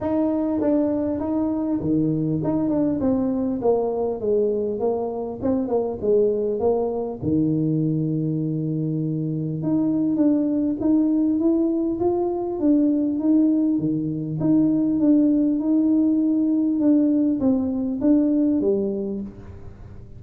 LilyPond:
\new Staff \with { instrumentName = "tuba" } { \time 4/4 \tempo 4 = 100 dis'4 d'4 dis'4 dis4 | dis'8 d'8 c'4 ais4 gis4 | ais4 c'8 ais8 gis4 ais4 | dis1 |
dis'4 d'4 dis'4 e'4 | f'4 d'4 dis'4 dis4 | dis'4 d'4 dis'2 | d'4 c'4 d'4 g4 | }